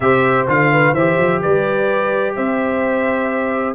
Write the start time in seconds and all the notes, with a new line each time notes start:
0.00 C3 G4 C5 E5
0.47 D3 F4 F5
0.72 B4
0.93 E3 G4 C5 E5
1.18 F3
1.41 G3 B4 D5
2.35 C4 C5 E5